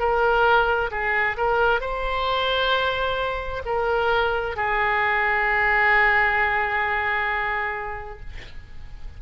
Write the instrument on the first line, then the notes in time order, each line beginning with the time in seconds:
oboe
0.00 A#4
0.92 G#4
1.38 A#4
1.81 C5
3.66 A#4
4.57 G#4